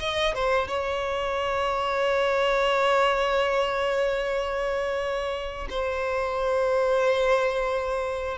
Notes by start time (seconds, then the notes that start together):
0.00 D#5
0.35 C5
0.68 C#5
5.70 C5